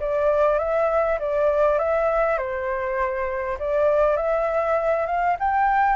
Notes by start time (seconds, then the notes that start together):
0.00 D5
0.59 E5
1.19 D5
1.79 E5
2.38 C5
3.59 D5
4.17 E5
5.06 F5
5.39 G5